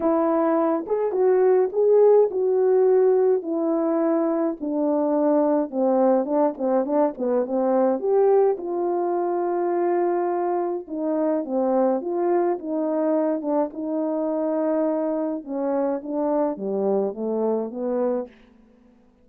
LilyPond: \new Staff \with { instrumentName = "horn" } { \time 4/4 \tempo 4 = 105 e'4. gis'8 fis'4 gis'4 | fis'2 e'2 | d'2 c'4 d'8 c'8 | d'8 b8 c'4 g'4 f'4~ |
f'2. dis'4 | c'4 f'4 dis'4. d'8 | dis'2. cis'4 | d'4 g4 a4 b4 | }